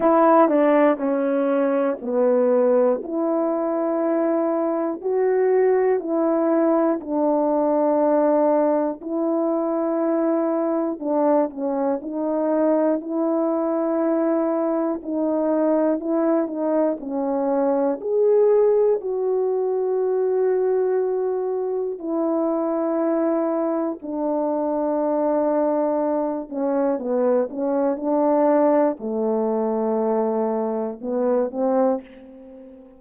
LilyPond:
\new Staff \with { instrumentName = "horn" } { \time 4/4 \tempo 4 = 60 e'8 d'8 cis'4 b4 e'4~ | e'4 fis'4 e'4 d'4~ | d'4 e'2 d'8 cis'8 | dis'4 e'2 dis'4 |
e'8 dis'8 cis'4 gis'4 fis'4~ | fis'2 e'2 | d'2~ d'8 cis'8 b8 cis'8 | d'4 a2 b8 c'8 | }